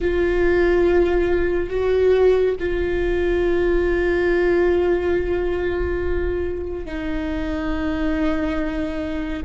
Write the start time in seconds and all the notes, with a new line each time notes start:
0.00 F4
1.69 F#4
2.59 F4
6.85 D#4